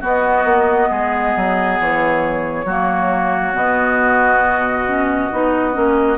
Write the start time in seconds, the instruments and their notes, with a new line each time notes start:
0.00 clarinet B3, bassoon B3, oboe F#4, flute D#5
0.44 bassoon A#3
0.90 bassoon G#3, oboe G#4
1.36 bassoon F#3
1.80 bassoon E3, flute C#5
2.65 bassoon F#3, clarinet A#3, oboe F#4
3.53 bassoon B2, clarinet B3, flute D#5
4.86 clarinet C#4
5.31 bassoon B3, clarinet D#4
5.73 bassoon A#3, clarinet C#4